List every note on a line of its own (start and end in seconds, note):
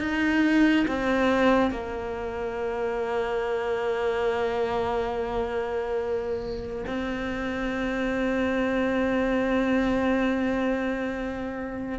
0.00 0.86 D#4
0.88 1.71 C4
1.71 6.85 A#3
6.86 11.99 C4